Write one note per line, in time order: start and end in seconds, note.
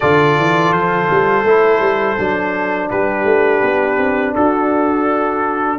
0.00 0.38 D3
0.00 1.45 F4
0.00 2.89 A4
0.00 0.72 D5
0.38 0.72 E3
0.72 1.08 F3
0.72 2.89 C5
1.10 1.43 G3
1.43 1.79 A3
1.43 2.17 E4
1.79 2.16 G3
2.17 2.90 F#3
2.17 5.78 D4
2.90 3.24 G3
2.90 4.35 G4
2.90 4.34 B4
3.24 3.60 A3
3.62 3.97 B3
3.97 4.33 C4
4.35 5.78 D4
4.35 5.78 F#4
4.35 5.78 A4